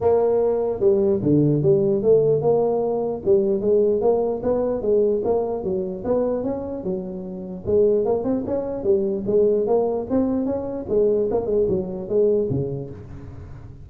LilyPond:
\new Staff \with { instrumentName = "tuba" } { \time 4/4 \tempo 4 = 149 ais2 g4 d4 | g4 a4 ais2 | g4 gis4 ais4 b4 | gis4 ais4 fis4 b4 |
cis'4 fis2 gis4 | ais8 c'8 cis'4 g4 gis4 | ais4 c'4 cis'4 gis4 | ais8 gis8 fis4 gis4 cis4 | }